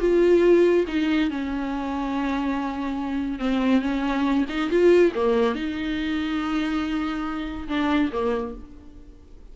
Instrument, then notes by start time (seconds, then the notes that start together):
viola
0.00 F4
0.87 D#4
1.30 C#4
3.39 C4
3.81 C#4
4.49 D#4
4.70 F4
5.15 A#3
5.55 D#4
7.68 D4
8.12 A#3